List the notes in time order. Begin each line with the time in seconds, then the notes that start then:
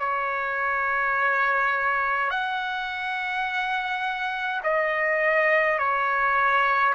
0.00 C#5
2.30 F#5
4.64 D#5
5.78 C#5